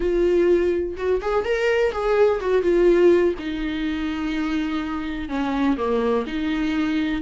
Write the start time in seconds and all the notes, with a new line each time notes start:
0.00 F4
0.96 F#4
1.21 G#4
1.44 A#4
1.92 G#4
2.40 F#4
2.62 F4
3.38 D#4
5.28 C#4
5.77 A#3
6.26 D#4